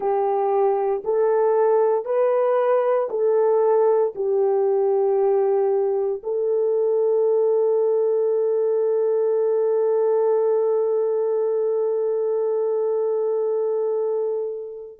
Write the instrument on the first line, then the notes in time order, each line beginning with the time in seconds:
horn
0.00 G4
1.04 A4
2.05 B4
3.10 A4
4.15 G4
6.23 A4